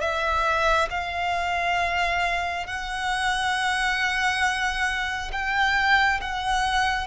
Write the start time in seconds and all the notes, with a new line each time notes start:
0.00 E5
0.90 F5
2.66 F#5
5.32 G5
6.21 F#5